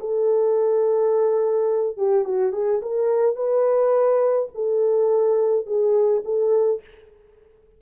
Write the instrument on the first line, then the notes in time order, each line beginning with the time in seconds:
horn
0.00 A4
1.97 G4
2.25 F#4
2.53 G#4
2.82 A#4
3.36 B4
4.55 A4
5.66 G#4
6.25 A4